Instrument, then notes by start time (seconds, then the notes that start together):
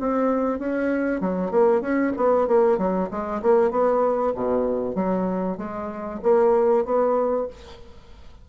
bassoon
0.00 C4
0.59 C#4
1.21 F#3
1.51 A#3
1.82 C#4
2.17 B3
2.48 A#3
2.78 F#3
3.11 G#3
3.43 A#3
3.71 B3
4.35 B2
4.95 F#3
5.58 G#3
6.23 A#3
6.85 B3